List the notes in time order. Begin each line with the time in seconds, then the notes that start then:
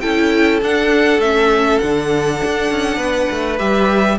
0.00 C#4 E4 A4 G5
0.62 D4 F#5
1.18 A3 C#4 E5
1.78 D3 D4 F#5
2.44 D4
2.70 C#4
2.97 B3 B4
3.30 A3
3.58 G3 G4 E5